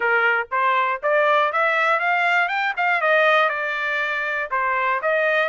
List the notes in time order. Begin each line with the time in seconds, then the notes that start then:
0.00 A#4
0.51 C5
1.02 D5
1.52 E5
1.99 F5
2.48 G5
2.76 F5
3.01 D#5
3.49 D5
4.50 C5
5.02 D#5